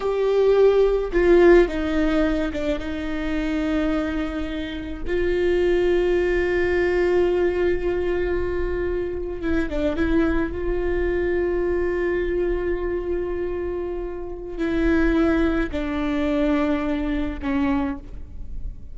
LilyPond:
\new Staff \with { instrumentName = "viola" } { \time 4/4 \tempo 4 = 107 g'2 f'4 dis'4~ | dis'8 d'8 dis'2.~ | dis'4 f'2.~ | f'1~ |
f'8. e'8 d'8 e'4 f'4~ f'16~ | f'1~ | f'2 e'2 | d'2. cis'4 | }